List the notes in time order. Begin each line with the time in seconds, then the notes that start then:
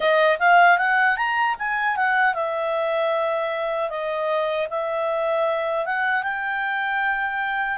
0.00 D#5
0.39 F5
0.78 F#5
1.17 A#5
1.58 G#5
1.96 F#5
2.33 E5
3.89 D#5
4.70 E5
5.85 F#5
6.22 G5